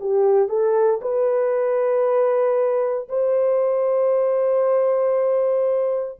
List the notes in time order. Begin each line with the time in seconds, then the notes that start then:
0.00 G4
0.48 A4
1.01 B4
3.08 C5